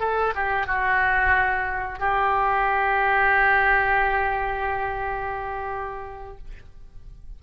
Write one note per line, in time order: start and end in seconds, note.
0.00 0.34 A4
0.35 0.67 G4
0.67 1.99 F#4
1.99 6.38 G4